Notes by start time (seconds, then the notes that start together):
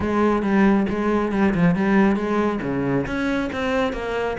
0.00 G#3
0.42 G3
0.89 G#3
1.32 G3
1.54 F3
1.75 G3
2.16 G#3
2.62 C#3
3.06 C#4
3.52 C4
3.92 A#3